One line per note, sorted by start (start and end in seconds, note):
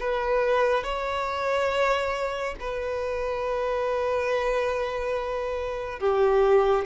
0.00 0.84 B4
0.84 2.55 C#5
2.60 6.00 B4
6.00 6.86 G4